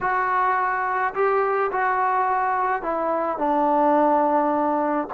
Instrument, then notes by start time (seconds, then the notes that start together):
trombone
0.00 F#4
1.14 G4
1.71 F#4
2.82 E4
3.38 D4